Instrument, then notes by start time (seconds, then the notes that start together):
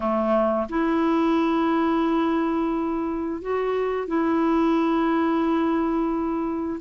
clarinet
0.00 A3
0.69 E4
3.41 F#4
4.07 E4